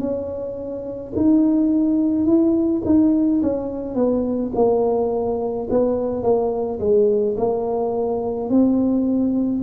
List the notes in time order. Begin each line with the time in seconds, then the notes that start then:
0.00 C#4
1.16 D#4
2.25 E4
2.86 D#4
3.43 C#4
3.95 B3
4.55 A#3
5.70 B3
6.23 A#3
6.80 G#3
7.37 A#3
8.50 C4